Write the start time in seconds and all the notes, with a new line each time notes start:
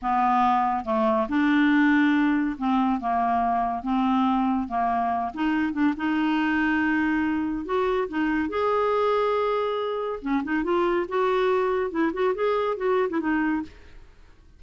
0.01 B3
0.85 A3
1.28 D4
2.57 C4
3.00 A#3
3.83 C4
4.68 A#3
5.33 D#4
5.73 D4
5.97 D#4
7.65 F#4
8.08 D#4
8.49 G#4
10.21 C#4
10.43 D#4
10.63 F4
11.08 F#4
11.90 E4
12.13 F#4
12.35 G#4
12.76 F#4
13.09 E4
13.20 D#4